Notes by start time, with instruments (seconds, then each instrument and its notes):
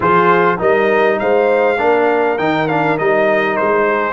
0.00 tuba F3, trombone F4, horn G#4, trumpet C5
0.58 tuba G3, trombone D#4, horn A#4, trumpet D#5
1.19 tuba G#3, horn C5, trumpet F5
1.77 tuba A#3, trombone D4, horn A#4
2.37 tuba D#3, trombone D#4, trumpet G5
2.67 trombone D4, trumpet F5
2.98 tuba G3, trombone D#4, trumpet D#5
3.56 tuba G#3, trumpet C5
3.87 horn G#4